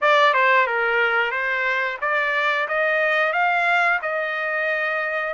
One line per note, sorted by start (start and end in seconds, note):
0.01 0.33 D5
0.33 0.66 C5
0.66 1.31 A#4
1.31 1.97 C5
2.01 2.67 D5
2.68 3.32 D#5
3.32 3.99 F5
4.02 5.34 D#5